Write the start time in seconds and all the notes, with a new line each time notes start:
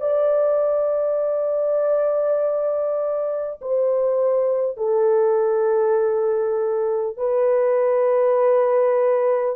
0.00 D5
3.61 C5
4.77 A4
7.17 B4